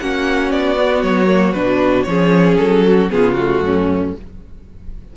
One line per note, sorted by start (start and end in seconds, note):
0.00 0.52 A#3
0.00 0.76 C#4
0.00 2.09 F#4
0.00 0.51 F#5
0.51 1.03 B3
0.51 1.02 D5
0.76 1.28 B3
1.02 1.55 F#3
1.02 1.53 C#5
1.28 1.53 A#3
1.53 2.06 B2
1.53 2.07 D4
1.53 2.03 B4
2.03 2.58 F3
2.03 3.10 C#4
2.03 2.86 G#4
2.03 2.55 C#5
2.57 3.12 F#3
2.57 3.09 A4
2.86 3.12 F#4
3.10 3.62 C#3
3.10 3.36 B3
3.10 3.65 F4
3.10 3.34 G#4
3.34 4.16 A3
3.34 4.12 F#4
3.62 4.13 F#2
3.62 4.16 C#4